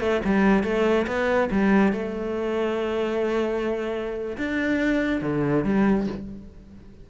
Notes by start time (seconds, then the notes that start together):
0.00 A3
0.25 G3
0.64 A3
1.07 B3
1.51 G3
1.93 A3
4.38 D4
5.22 D3
5.65 G3